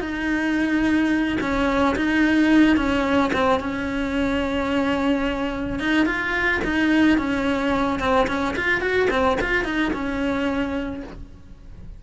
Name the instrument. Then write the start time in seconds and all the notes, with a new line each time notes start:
cello
0.00 D#4
1.40 C#4
1.96 D#4
2.76 C#4
3.33 C4
3.59 C#4
5.79 D#4
6.06 F4
6.64 D#4
7.17 C#4
7.99 C4
8.27 C#4
8.56 F4
8.81 F#4
9.10 C4
9.41 F4
9.64 D#4
9.92 C#4